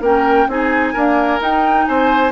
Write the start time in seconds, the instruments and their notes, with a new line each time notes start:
0.00 bassoon A#3, clarinet C#4, oboe A#4, flute G5
0.47 bassoon C4, clarinet D#4, oboe G#4, flute G#5
0.93 clarinet A#3, bassoon D4, oboe A#4
1.39 clarinet D#4, bassoon D#4, flute G5
1.85 bassoon C4, oboe C5, flute G#5